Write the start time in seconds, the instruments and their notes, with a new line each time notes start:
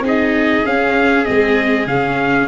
0.00 tuba C4, viola D#4, violin G#4
0.08 trumpet D#5
0.65 viola C#4, tuba C#4, trumpet F5
1.25 tuba G#3, viola C4, trumpet D#5
1.86 tuba C#3, viola C#4, trumpet F5